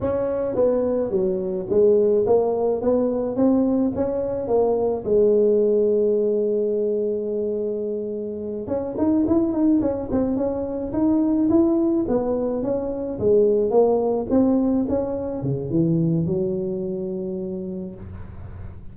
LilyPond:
\new Staff \with { instrumentName = "tuba" } { \time 4/4 \tempo 4 = 107 cis'4 b4 fis4 gis4 | ais4 b4 c'4 cis'4 | ais4 gis2.~ | gis2.~ gis8 cis'8 |
dis'8 e'8 dis'8 cis'8 c'8 cis'4 dis'8~ | dis'8 e'4 b4 cis'4 gis8~ | gis8 ais4 c'4 cis'4 cis8 | e4 fis2. | }